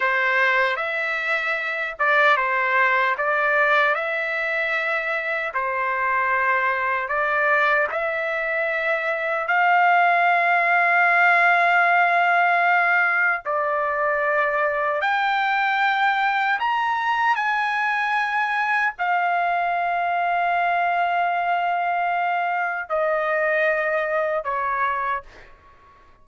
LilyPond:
\new Staff \with { instrumentName = "trumpet" } { \time 4/4 \tempo 4 = 76 c''4 e''4. d''8 c''4 | d''4 e''2 c''4~ | c''4 d''4 e''2 | f''1~ |
f''4 d''2 g''4~ | g''4 ais''4 gis''2 | f''1~ | f''4 dis''2 cis''4 | }